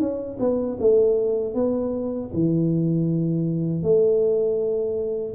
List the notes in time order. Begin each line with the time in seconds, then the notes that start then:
0.00 C#4
0.39 B3
0.80 A3
1.54 B3
2.33 E3
3.83 A3